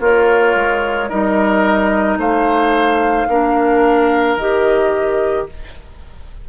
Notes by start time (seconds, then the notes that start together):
0.00 A#3 F4 A#4 C#5
0.55 G#3
1.09 G3 D#4 A#4 D#5
2.17 A3 C5 F5
3.28 A#3 D4 A#4
4.36 D#3 G4 D#5